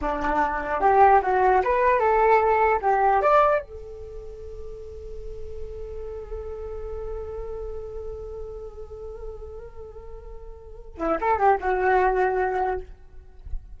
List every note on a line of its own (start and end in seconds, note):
0.01 0.80 D4
0.80 1.20 G4
1.22 1.62 F#4
1.63 1.99 B4
1.99 2.79 A4
2.81 3.21 G4
3.21 3.61 D5
3.61 10.97 A4
10.97 11.17 E4
11.21 11.38 A4
11.38 11.58 G4
11.60 12.80 F#4